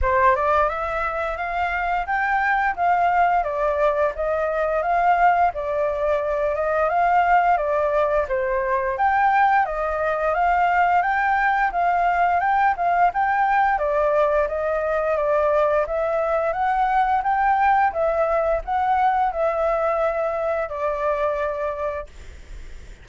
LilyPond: \new Staff \with { instrumentName = "flute" } { \time 4/4 \tempo 4 = 87 c''8 d''8 e''4 f''4 g''4 | f''4 d''4 dis''4 f''4 | d''4. dis''8 f''4 d''4 | c''4 g''4 dis''4 f''4 |
g''4 f''4 g''8 f''8 g''4 | d''4 dis''4 d''4 e''4 | fis''4 g''4 e''4 fis''4 | e''2 d''2 | }